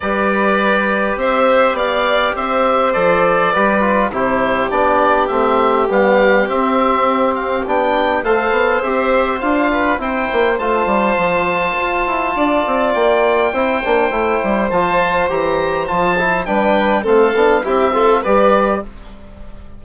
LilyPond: <<
  \new Staff \with { instrumentName = "oboe" } { \time 4/4 \tempo 4 = 102 d''2 e''4 f''4 | e''4 d''2 c''4 | d''4 e''4 f''4 e''4~ | e''8 f''8 g''4 f''4 e''4 |
f''4 g''4 a''2~ | a''2 g''2~ | g''4 a''4 ais''4 a''4 | g''4 f''4 e''4 d''4 | }
  \new Staff \with { instrumentName = "violin" } { \time 4/4 b'2 c''4 d''4 | c''2 b'4 g'4~ | g'1~ | g'2 c''2~ |
c''8 b'8 c''2.~ | c''4 d''2 c''4~ | c''1 | b'4 a'4 g'8 a'8 b'4 | }
  \new Staff \with { instrumentName = "trombone" } { \time 4/4 g'1~ | g'4 a'4 g'8 f'8 e'4 | d'4 c'4 b4 c'4~ | c'4 d'4 a'4 g'4 |
f'4 e'4 f'2~ | f'2. e'8 d'8 | e'4 f'4 g'4 f'8 e'8 | d'4 c'8 d'8 e'8 f'8 g'4 | }
  \new Staff \with { instrumentName = "bassoon" } { \time 4/4 g2 c'4 b4 | c'4 f4 g4 c4 | b4 a4 g4 c'4~ | c'4 b4 a8 b8 c'4 |
d'4 c'8 ais8 a8 g8 f4 | f'8 e'8 d'8 c'8 ais4 c'8 ais8 | a8 g8 f4 e4 f4 | g4 a8 b8 c'4 g4 | }
>>